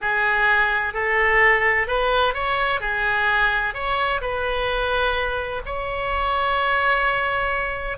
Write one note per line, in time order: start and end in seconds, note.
0.01 0.93 G#4
0.93 1.87 A4
1.87 2.34 B4
2.34 2.80 C#5
2.80 3.74 G#4
3.74 4.20 C#5
4.21 5.61 B4
5.65 7.97 C#5